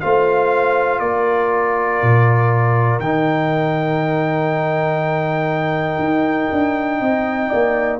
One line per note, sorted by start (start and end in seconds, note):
0.00 1.00 A3
0.00 3.01 F4
0.00 1.01 C5
0.00 0.99 F5
0.99 2.00 A#3
0.99 7.01 A#4
0.99 2.99 D5
2.02 2.99 A#2
2.99 5.99 D#3
2.99 8.00 D#4
2.99 8.00 G5
5.99 6.49 D#4
6.51 7.01 D4
7.01 7.51 C4
7.01 7.49 D#5
7.49 8.00 A#3
7.49 7.99 D5